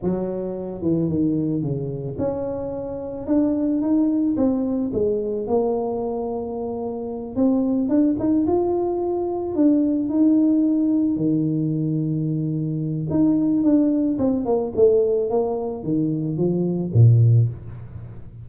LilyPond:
\new Staff \with { instrumentName = "tuba" } { \time 4/4 \tempo 4 = 110 fis4. e8 dis4 cis4 | cis'2 d'4 dis'4 | c'4 gis4 ais2~ | ais4. c'4 d'8 dis'8 f'8~ |
f'4. d'4 dis'4.~ | dis'8 dis2.~ dis8 | dis'4 d'4 c'8 ais8 a4 | ais4 dis4 f4 ais,4 | }